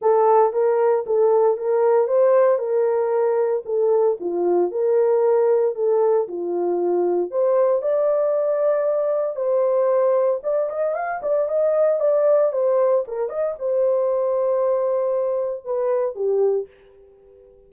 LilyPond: \new Staff \with { instrumentName = "horn" } { \time 4/4 \tempo 4 = 115 a'4 ais'4 a'4 ais'4 | c''4 ais'2 a'4 | f'4 ais'2 a'4 | f'2 c''4 d''4~ |
d''2 c''2 | d''8 dis''8 f''8 d''8 dis''4 d''4 | c''4 ais'8 dis''8 c''2~ | c''2 b'4 g'4 | }